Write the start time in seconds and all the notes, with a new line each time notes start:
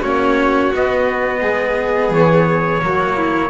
0.00 A#3 C#4 F#4 C#5
0.72 B3 D#5
1.42 G#3 G#4
2.10 E3 C#5
2.81 F#3 A#3 F#4
3.17 E4